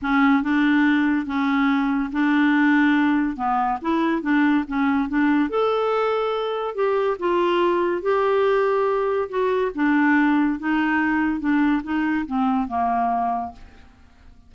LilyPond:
\new Staff \with { instrumentName = "clarinet" } { \time 4/4 \tempo 4 = 142 cis'4 d'2 cis'4~ | cis'4 d'2. | b4 e'4 d'4 cis'4 | d'4 a'2. |
g'4 f'2 g'4~ | g'2 fis'4 d'4~ | d'4 dis'2 d'4 | dis'4 c'4 ais2 | }